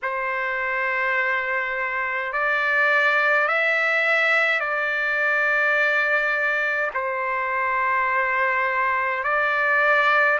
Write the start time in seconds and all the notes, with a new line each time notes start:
0.02 C5
2.32 D5
3.48 E5
4.59 D5
6.93 C5
9.23 D5